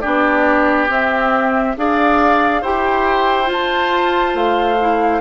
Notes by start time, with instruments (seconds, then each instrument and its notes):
0.00 bassoon B3, clarinet D4, oboe G4, flute D5
0.88 clarinet C4, bassoon C4, flute E5
1.76 bassoon D4, clarinet G#4, oboe D5, flute F5
2.61 bassoon E4, clarinet G4, oboe C5, flute G5
3.45 clarinet F4
3.52 bassoon F4, flute A5
4.34 bassoon A3, flute F5
4.80 clarinet E4